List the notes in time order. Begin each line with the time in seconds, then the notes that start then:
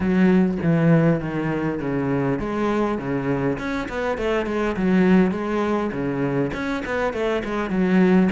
0.00 F#3
0.62 E3
1.20 D#3
1.80 C#3
2.39 G#3
2.98 C#3
3.58 C#4
3.89 B3
4.17 A3
4.46 G#3
4.76 F#3
5.31 G#3
5.92 C#3
6.53 C#4
6.85 B3
7.13 A3
7.44 G#3
7.70 F#3